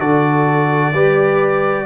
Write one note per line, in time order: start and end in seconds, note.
0.00 0.94 D3
0.00 0.94 F#4
0.00 0.94 A4
0.00 1.87 D5
0.94 1.87 G3
0.94 1.87 G4
0.94 1.87 B4